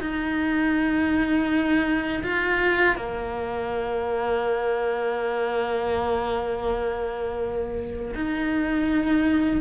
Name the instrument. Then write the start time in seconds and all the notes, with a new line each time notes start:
cello
0.00 D#4
2.23 F4
2.96 A#3
8.14 D#4